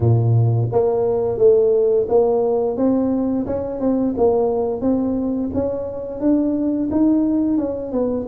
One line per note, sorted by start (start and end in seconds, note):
0.00 0.68 A#2
0.71 1.38 A#3
1.38 2.07 A3
2.08 2.76 A#3
2.76 3.45 C4
3.46 3.79 C#4
3.79 4.14 C4
4.17 4.81 A#3
4.81 5.50 C4
5.53 6.20 C#4
6.20 6.89 D4
6.91 7.57 D#4
7.57 7.92 C#4
7.92 8.26 B3